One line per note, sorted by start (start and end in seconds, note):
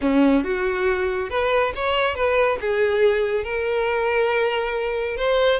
0.01 0.44 C#4
0.44 1.30 F#4
1.30 1.73 B4
1.75 2.15 C#5
2.15 2.58 B4
2.60 3.44 G#4
3.44 5.16 A#4
5.16 5.59 C5